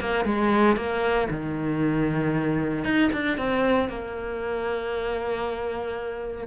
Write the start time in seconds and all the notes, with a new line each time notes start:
0.00 A#3
0.24 G#3
0.76 A#3
1.30 D#3
2.84 D#4
3.13 D4
3.38 C4
3.89 A#3